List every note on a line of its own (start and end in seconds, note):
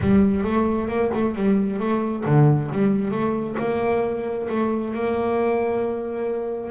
0.01 0.43 G3
0.43 0.88 A3
0.88 1.10 A#3
1.14 1.35 A3
1.35 1.79 G3
1.79 2.24 A3
2.25 2.70 D3
2.72 3.11 G3
3.11 3.55 A3
3.58 4.48 A#3
4.49 4.94 A3
4.94 6.70 A#3